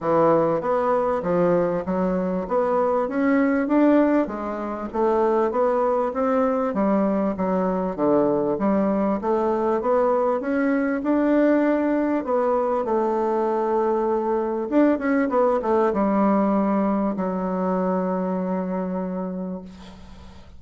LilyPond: \new Staff \with { instrumentName = "bassoon" } { \time 4/4 \tempo 4 = 98 e4 b4 f4 fis4 | b4 cis'4 d'4 gis4 | a4 b4 c'4 g4 | fis4 d4 g4 a4 |
b4 cis'4 d'2 | b4 a2. | d'8 cis'8 b8 a8 g2 | fis1 | }